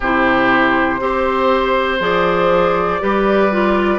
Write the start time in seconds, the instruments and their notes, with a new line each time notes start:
0.00 bassoon C3, clarinet E4, oboe G4, flute C5
0.99 bassoon C4, clarinet G4, oboe C5
2.00 bassoon F3, clarinet G#4, flute D5
3.00 bassoon G3, clarinet G4, oboe B4
3.51 clarinet F4